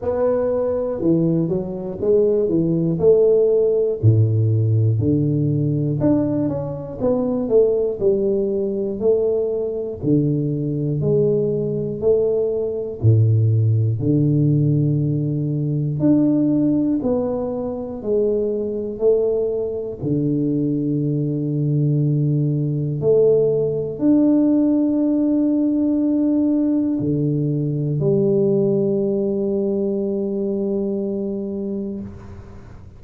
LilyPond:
\new Staff \with { instrumentName = "tuba" } { \time 4/4 \tempo 4 = 60 b4 e8 fis8 gis8 e8 a4 | a,4 d4 d'8 cis'8 b8 a8 | g4 a4 d4 gis4 | a4 a,4 d2 |
d'4 b4 gis4 a4 | d2. a4 | d'2. d4 | g1 | }